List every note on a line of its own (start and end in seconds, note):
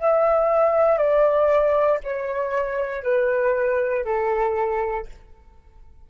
0.00 0.98 E5
0.98 2.00 D5
2.04 3.03 C#5
3.03 4.05 B4
4.05 5.07 A4